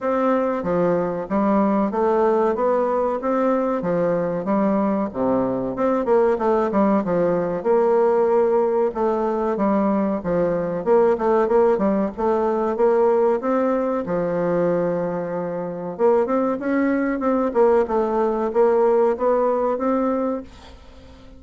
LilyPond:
\new Staff \with { instrumentName = "bassoon" } { \time 4/4 \tempo 4 = 94 c'4 f4 g4 a4 | b4 c'4 f4 g4 | c4 c'8 ais8 a8 g8 f4 | ais2 a4 g4 |
f4 ais8 a8 ais8 g8 a4 | ais4 c'4 f2~ | f4 ais8 c'8 cis'4 c'8 ais8 | a4 ais4 b4 c'4 | }